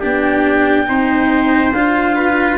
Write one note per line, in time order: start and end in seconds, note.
0.00 0.89 B3
0.00 0.87 D4
0.00 0.86 G4
0.00 1.74 G5
0.87 1.74 C4
0.87 1.72 D#4
0.87 2.15 C5
1.74 2.58 D4
1.74 2.58 F4
1.74 2.58 F5
2.15 2.58 B4